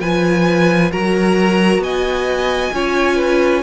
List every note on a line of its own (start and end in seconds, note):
0.00 0.91 F3
0.00 0.91 F4
0.00 0.91 B4
0.00 0.91 G#5
0.91 1.78 F#3
0.91 2.73 F#4
0.91 1.82 A#4
0.91 1.83 A#5
1.78 2.69 B3
1.78 2.74 D#5
1.78 3.62 G#5
2.73 3.62 C#4
2.73 3.62 F4
2.73 3.15 C#5
3.15 3.61 B4